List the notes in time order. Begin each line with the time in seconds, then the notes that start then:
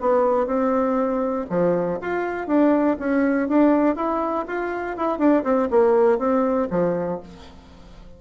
0.00 B3
0.46 C4
1.49 F3
2.01 F4
2.47 D4
2.99 C#4
3.48 D4
3.95 E4
4.47 F4
4.96 E4
5.18 D4
5.43 C4
5.70 A#3
6.18 C4
6.70 F3